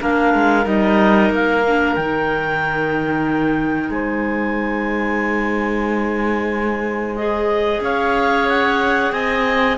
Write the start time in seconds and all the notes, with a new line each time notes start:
0.00 A#3 D4 A#4 F5
0.35 G#3
0.63 G3 D#4 D#5
1.30 A#3 F5
1.67 D4
1.96 D#3 D#4 G5
3.89 G#3 C5 G#5
7.16 G#4 D#5
7.81 C#4 C#5 F5
8.49 F#5
9.12 C4 D#5 G#5